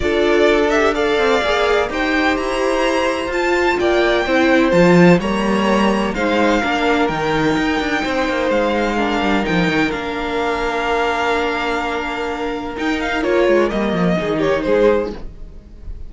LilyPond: <<
  \new Staff \with { instrumentName = "violin" } { \time 4/4 \tempo 4 = 127 d''4. e''8 f''2 | g''4 ais''2 a''4 | g''2 a''4 ais''4~ | ais''4 f''2 g''4~ |
g''2 f''2 | g''4 f''2.~ | f''2. g''8 f''8 | cis''4 dis''4. cis''8 c''4 | }
  \new Staff \with { instrumentName = "violin" } { \time 4/4 a'2 d''2 | c''1 | d''4 c''2 cis''4~ | cis''4 c''4 ais'2~ |
ais'4 c''2 ais'4~ | ais'1~ | ais'1~ | ais'2 gis'8 g'8 gis'4 | }
  \new Staff \with { instrumentName = "viola" } { \time 4/4 f'4. g'8 a'4 gis'4 | g'2. f'4~ | f'4 e'4 f'4 ais4~ | ais4 dis'4 d'4 dis'4~ |
dis'2. d'4 | dis'4 d'2.~ | d'2. dis'4 | f'4 ais4 dis'2 | }
  \new Staff \with { instrumentName = "cello" } { \time 4/4 d'2~ d'8 c'8 ais4 | dis'4 e'2 f'4 | ais4 c'4 f4 g4~ | g4 gis4 ais4 dis4 |
dis'8 d'8 c'8 ais8 gis4. g8 | f8 dis8 ais2.~ | ais2. dis'4 | ais8 gis8 g8 f8 dis4 gis4 | }
>>